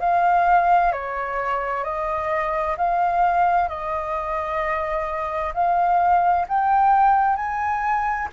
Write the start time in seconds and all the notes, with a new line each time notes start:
0.00 F5
0.92 C#5
1.84 D#5
2.78 F5
3.69 D#5
5.54 F5
6.49 G5
7.36 G#5